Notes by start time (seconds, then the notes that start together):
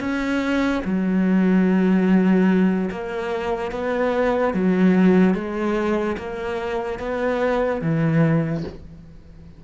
0.00 C#4
0.85 F#3
2.91 A#3
3.72 B3
4.54 F#3
5.35 G#3
6.18 A#3
6.99 B3
7.82 E3